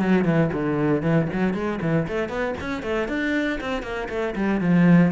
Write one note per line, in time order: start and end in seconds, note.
0.00 0.25 F#3
0.25 0.51 E3
0.53 1.03 D3
1.03 1.28 E3
1.33 1.54 F#3
1.54 1.80 G#3
1.82 2.07 E3
2.08 2.29 A3
2.29 2.55 B3
2.61 2.83 C#4
2.83 3.09 A3
3.09 3.60 D4
3.61 3.83 C4
3.83 4.09 A#3
4.09 4.35 A3
4.36 4.61 G3
4.61 5.12 F3